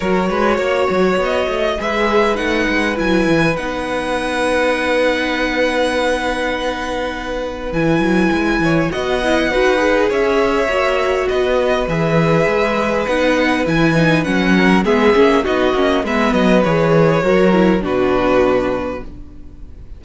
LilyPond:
<<
  \new Staff \with { instrumentName = "violin" } { \time 4/4 \tempo 4 = 101 cis''2 dis''4 e''4 | fis''4 gis''4 fis''2~ | fis''1~ | fis''4 gis''2 fis''4~ |
fis''4 e''2 dis''4 | e''2 fis''4 gis''4 | fis''4 e''4 dis''4 e''8 dis''8 | cis''2 b'2 | }
  \new Staff \with { instrumentName = "violin" } { \time 4/4 ais'8 b'8 cis''2 b'4~ | b'1~ | b'1~ | b'2~ b'8 cis''8 dis''4 |
b'4 cis''2 b'4~ | b'1~ | b'8 ais'8 gis'4 fis'4 b'4~ | b'4 ais'4 fis'2 | }
  \new Staff \with { instrumentName = "viola" } { \time 4/4 fis'2. gis'4 | dis'4 e'4 dis'2~ | dis'1~ | dis'4 e'2 fis'8 e'8 |
fis'8 gis'4. fis'2 | gis'2 dis'4 e'8 dis'8 | cis'4 b8 cis'8 dis'8 cis'8 b4 | gis'4 fis'8 e'8 d'2 | }
  \new Staff \with { instrumentName = "cello" } { \time 4/4 fis8 gis8 ais8 fis8 b8 a8 gis4 | a8 gis8 fis8 e8 b2~ | b1~ | b4 e8 fis8 gis8 e8 b4 |
dis'4 cis'4 ais4 b4 | e4 gis4 b4 e4 | fis4 gis8 ais8 b8 ais8 gis8 fis8 | e4 fis4 b,2 | }
>>